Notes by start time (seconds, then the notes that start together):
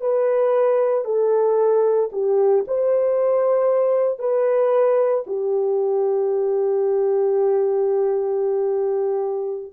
0.00 B4
1.04 A4
2.12 G4
2.67 C5
4.19 B4
5.26 G4